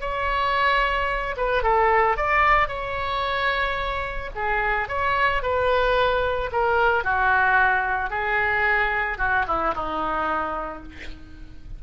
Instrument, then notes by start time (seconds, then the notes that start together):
oboe
0.00 C#5
1.37 B4
1.62 A4
2.16 D5
2.68 C#5
4.35 G#4
4.88 C#5
5.42 B4
6.52 A#4
7.04 F#4
8.10 G#4
9.18 F#4
9.47 E4
9.74 D#4